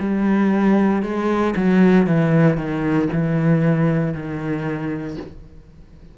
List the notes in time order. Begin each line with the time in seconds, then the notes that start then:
0.00 G3
1.03 G#3
1.57 F#3
2.07 E3
2.57 D#3
3.13 E3
4.14 D#3